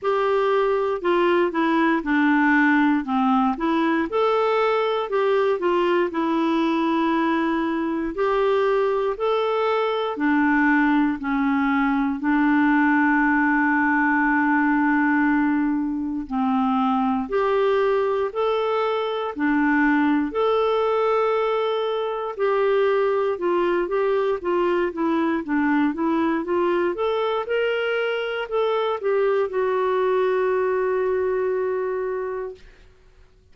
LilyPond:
\new Staff \with { instrumentName = "clarinet" } { \time 4/4 \tempo 4 = 59 g'4 f'8 e'8 d'4 c'8 e'8 | a'4 g'8 f'8 e'2 | g'4 a'4 d'4 cis'4 | d'1 |
c'4 g'4 a'4 d'4 | a'2 g'4 f'8 g'8 | f'8 e'8 d'8 e'8 f'8 a'8 ais'4 | a'8 g'8 fis'2. | }